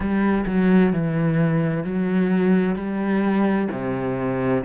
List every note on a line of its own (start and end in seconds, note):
0.00 0.45 G3
0.46 0.92 F#3
0.92 1.84 E3
1.84 2.75 F#3
2.75 3.68 G3
3.71 4.64 C3